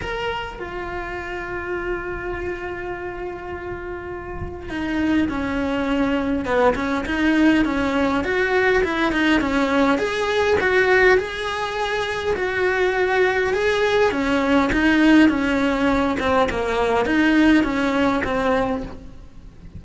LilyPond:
\new Staff \with { instrumentName = "cello" } { \time 4/4 \tempo 4 = 102 ais'4 f'2.~ | f'1 | dis'4 cis'2 b8 cis'8 | dis'4 cis'4 fis'4 e'8 dis'8 |
cis'4 gis'4 fis'4 gis'4~ | gis'4 fis'2 gis'4 | cis'4 dis'4 cis'4. c'8 | ais4 dis'4 cis'4 c'4 | }